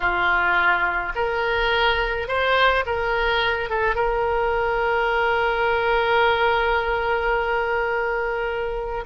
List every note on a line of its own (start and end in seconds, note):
0.00 1.12 F4
1.15 2.27 A#4
2.27 2.84 C5
2.86 3.69 A#4
3.69 3.95 A4
3.95 9.04 A#4